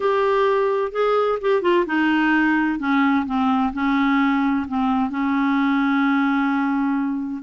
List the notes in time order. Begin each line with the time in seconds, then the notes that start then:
0.00 G4
0.92 G#4
1.41 G4
1.62 F4
1.86 D#4
2.79 C#4
3.26 C4
3.73 C#4
4.67 C4
5.10 C#4